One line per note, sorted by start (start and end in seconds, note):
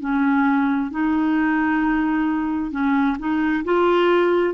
0.00 0.91 C#4
0.91 2.71 D#4
2.71 3.17 C#4
3.19 3.64 D#4
3.64 4.55 F4